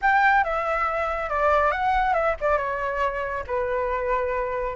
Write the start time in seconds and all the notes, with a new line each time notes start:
0.01 G5
0.44 E5
1.29 D5
1.71 F#5
2.13 E5
2.41 D5
2.57 C#5
3.46 B4